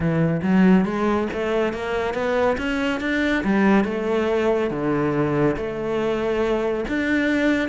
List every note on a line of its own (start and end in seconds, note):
0.00 0.41 E3
0.42 0.85 F#3
0.85 1.28 G#3
1.33 1.73 A3
1.73 2.14 A#3
2.14 2.56 B3
2.57 3.00 C#4
3.00 3.43 D4
3.44 3.84 G3
3.84 4.70 A3
4.70 5.56 D3
5.56 6.85 A3
6.88 7.68 D4